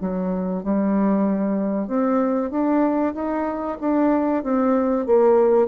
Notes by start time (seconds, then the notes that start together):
0.00 F#3
0.63 G3
1.87 C4
2.50 D4
3.14 D#4
3.80 D4
4.43 C4
5.06 A#3